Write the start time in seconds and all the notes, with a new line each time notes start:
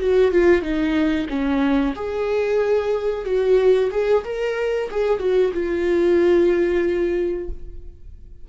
0.00 F#4
0.31 F4
0.62 D#4
1.29 C#4
1.95 G#4
3.25 F#4
3.91 G#4
4.24 A#4
4.91 G#4
5.19 F#4
5.53 F4